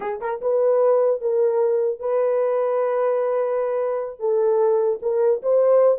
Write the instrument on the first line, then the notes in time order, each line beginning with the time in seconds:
horn
0.00 G#4
0.20 A#4
0.41 B4
1.21 A#4
1.99 B4
4.19 A4
5.02 A#4
5.42 C5